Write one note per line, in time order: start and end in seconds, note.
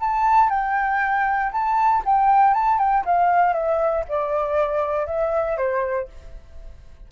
0.00 0.50 A5
0.50 1.51 G5
1.52 2.03 A5
2.05 2.54 G5
2.54 2.79 A5
2.79 3.04 G5
3.05 3.53 F5
3.53 4.04 E5
4.08 5.06 D5
5.06 5.57 E5
5.57 6.08 C5